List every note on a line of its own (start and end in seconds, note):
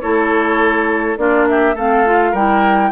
0.00 1.17 A3
0.00 1.17 E4
0.00 1.18 A4
0.00 1.17 C#5
1.17 1.75 A#3
1.17 1.75 D4
1.17 1.48 F4
1.17 1.47 D5
1.48 1.75 G4
1.48 1.77 E5
1.75 2.33 A3
1.75 2.05 C4
1.75 2.31 A4
1.75 2.35 F5
2.05 2.34 F4
2.31 2.91 G3
2.31 2.92 E4
2.31 2.89 A#4
2.31 2.92 G5